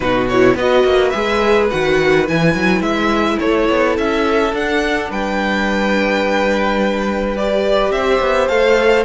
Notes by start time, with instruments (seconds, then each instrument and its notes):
0.00 cello B2, viola D#4, violin F#4 B4
0.29 viola E4, violin C#5
0.54 cello B3, viola F#4, violin B4 D#5
0.84 cello A#3
1.09 cello G#3, viola G#4, violin E5
1.70 cello D#3, viola F#4, violin F#5
2.26 cello E3, viola E4, violin G#5
2.54 cello F#3
2.80 cello G#3, violin E5
3.39 cello A3, violin A4 C#5
3.69 cello B3
3.97 cello C#4, violin E5
4.52 cello D4, viola D4, violin F#5
5.10 cello G3, violin B4 G5
7.36 viola G4, violin D5
7.91 cello C4, violin C5 E5
8.20 cello B3
8.47 cello A3, viola A4, violin F5